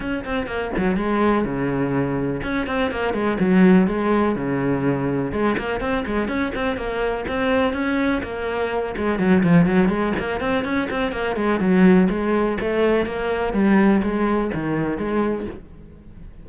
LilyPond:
\new Staff \with { instrumentName = "cello" } { \time 4/4 \tempo 4 = 124 cis'8 c'8 ais8 fis8 gis4 cis4~ | cis4 cis'8 c'8 ais8 gis8 fis4 | gis4 cis2 gis8 ais8 | c'8 gis8 cis'8 c'8 ais4 c'4 |
cis'4 ais4. gis8 fis8 f8 | fis8 gis8 ais8 c'8 cis'8 c'8 ais8 gis8 | fis4 gis4 a4 ais4 | g4 gis4 dis4 gis4 | }